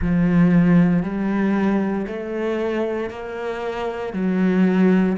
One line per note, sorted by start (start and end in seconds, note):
0.01 1.03 F3
1.03 2.06 G3
2.07 3.09 A3
3.09 4.13 A#3
4.13 5.16 F#3